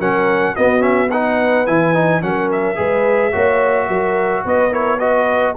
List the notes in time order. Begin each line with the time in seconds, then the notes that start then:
0.00 F#3 C#4 A#4 F#5
0.56 B3 F#4 D#5
0.80 C#4 E5
1.11 D#4 B4 F#5
1.67 E3 E4 G#5
1.94 D#4
2.22 F#3 C#4 A#4 F#5
2.52 E5
2.76 G#3 G#4 B4
3.32 A#3 F#4 C#5
3.88 F#3 A#4
4.45 B3 B4 D#5
4.71 E4 A#4 C#5
5.00 F#4 B4 D#5